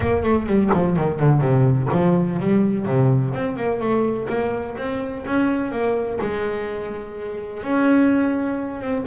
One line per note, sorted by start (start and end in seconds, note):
0.00 0.22 A#3
0.22 0.46 A3
0.46 0.70 G3
0.73 0.96 F3
0.96 1.19 D#3
1.19 1.40 D3
1.40 1.88 C3
1.92 2.39 F3
2.39 2.85 G3
2.85 3.33 C3
3.34 3.56 C4
3.56 3.80 A#3
3.80 4.27 A3
4.28 4.76 A#3
4.77 5.24 C4
5.26 5.71 C#4
5.71 6.19 A#3
6.20 7.63 G#3
7.63 8.81 C#4
8.81 9.05 C4